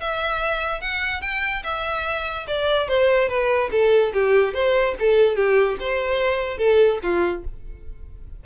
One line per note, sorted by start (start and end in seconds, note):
0.00 0.81 E5
0.81 1.22 F#5
1.22 1.63 G5
1.63 2.46 E5
2.48 2.88 D5
2.88 3.29 C5
3.29 3.70 B4
3.71 4.13 A4
4.13 4.54 G4
4.54 4.95 C5
4.99 5.36 A4
5.36 5.77 G4
5.80 6.58 C5
6.58 6.99 A4
7.02 7.44 F4